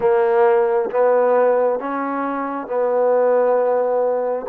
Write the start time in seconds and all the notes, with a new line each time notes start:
0.00 A#3
0.90 B3
1.79 C#4
2.67 B3